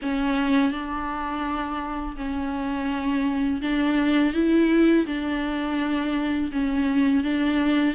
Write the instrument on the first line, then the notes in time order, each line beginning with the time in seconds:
viola
0.02 C#4
0.71 D4
2.16 C#4
3.61 D4
4.33 E4
5.06 D4
6.52 C#4
7.23 D4